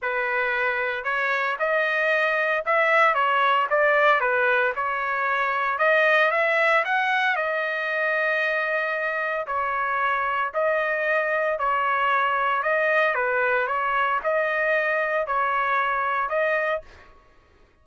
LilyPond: \new Staff \with { instrumentName = "trumpet" } { \time 4/4 \tempo 4 = 114 b'2 cis''4 dis''4~ | dis''4 e''4 cis''4 d''4 | b'4 cis''2 dis''4 | e''4 fis''4 dis''2~ |
dis''2 cis''2 | dis''2 cis''2 | dis''4 b'4 cis''4 dis''4~ | dis''4 cis''2 dis''4 | }